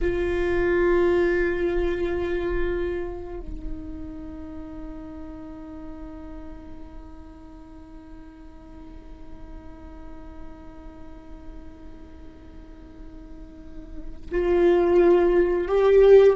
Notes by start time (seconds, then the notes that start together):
0.01 F4
3.39 D#4
14.31 F4
15.68 G4